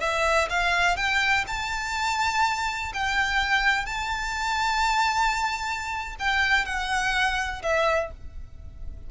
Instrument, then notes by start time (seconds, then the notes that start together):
violin
0.00 E5
0.49 F5
0.96 G5
1.47 A5
2.94 G5
3.86 A5
6.19 G5
6.65 F#5
7.63 E5